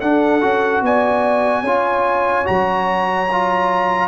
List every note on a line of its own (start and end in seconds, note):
0.00 0.42 D4
0.00 0.41 D4
0.00 0.84 A4
0.00 0.82 F#5
0.41 0.81 C#4
0.41 1.64 F#4
0.81 1.63 B3
0.81 1.62 D5
0.81 2.46 G#5
1.62 2.45 C#4
1.62 2.44 F4
1.62 4.07 C#5
2.44 4.07 F#3
2.44 3.26 F#4
2.44 4.07 A#5
3.32 4.07 F4